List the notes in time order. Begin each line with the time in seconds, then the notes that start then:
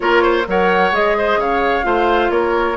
0.00 A#3 F4 A#4 C#5
0.22 C5
0.47 F#3 A#4 C#5 F#5
0.92 G#3 G#4 D#5
1.17 C5
1.36 C#3 C#5 F5
1.83 A3 F4 C5
2.29 A#3 A#4 C#5